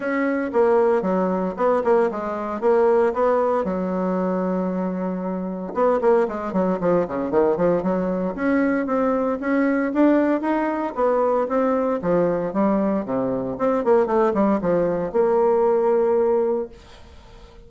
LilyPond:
\new Staff \with { instrumentName = "bassoon" } { \time 4/4 \tempo 4 = 115 cis'4 ais4 fis4 b8 ais8 | gis4 ais4 b4 fis4~ | fis2. b8 ais8 | gis8 fis8 f8 cis8 dis8 f8 fis4 |
cis'4 c'4 cis'4 d'4 | dis'4 b4 c'4 f4 | g4 c4 c'8 ais8 a8 g8 | f4 ais2. | }